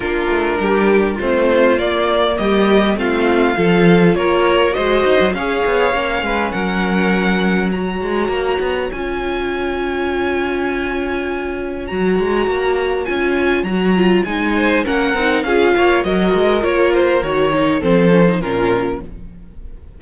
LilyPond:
<<
  \new Staff \with { instrumentName = "violin" } { \time 4/4 \tempo 4 = 101 ais'2 c''4 d''4 | dis''4 f''2 cis''4 | dis''4 f''2 fis''4~ | fis''4 ais''2 gis''4~ |
gis''1 | ais''2 gis''4 ais''4 | gis''4 fis''4 f''4 dis''4 | cis''8 c''8 cis''4 c''4 ais'4 | }
  \new Staff \with { instrumentName = "violin" } { \time 4/4 f'4 g'4 f'2 | g'4 f'4 a'4 ais'4 | c''4 cis''4. b'8 ais'4~ | ais'4 cis''2.~ |
cis''1~ | cis''1~ | cis''8 c''8 ais'4 gis'8 cis''8 ais'4~ | ais'2 a'4 f'4 | }
  \new Staff \with { instrumentName = "viola" } { \time 4/4 d'2 c'4 ais4~ | ais4 c'4 f'2 | fis'4 gis'4 cis'2~ | cis'4 fis'2 f'4~ |
f'1 | fis'2 f'4 fis'8 f'8 | dis'4 cis'8 dis'8 f'4 fis'4 | f'4 fis'8 dis'8 c'8 cis'16 dis'16 cis'4 | }
  \new Staff \with { instrumentName = "cello" } { \time 4/4 ais8 a8 g4 a4 ais4 | g4 a4 f4 ais4 | gis8 dis'16 fis16 cis'8 b8 ais8 gis8 fis4~ | fis4. gis8 ais8 b8 cis'4~ |
cis'1 | fis8 gis8 ais4 cis'4 fis4 | gis4 ais8 c'8 cis'8 ais8 fis8 gis8 | ais4 dis4 f4 ais,4 | }
>>